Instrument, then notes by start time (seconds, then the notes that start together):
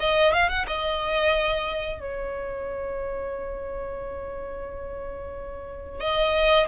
violin
0.00 D#5
0.33 F5
0.49 F#5
0.67 D#5
2.01 C#5
6.00 D#5